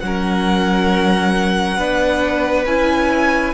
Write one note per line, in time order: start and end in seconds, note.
0.00 1.78 F#3
0.00 1.79 C#4
0.00 2.65 F#5
0.06 1.77 A#4
1.77 2.65 B3
1.77 2.67 D4
1.77 3.54 B4
2.65 3.54 C#4
2.65 3.54 E4
2.65 3.54 G#5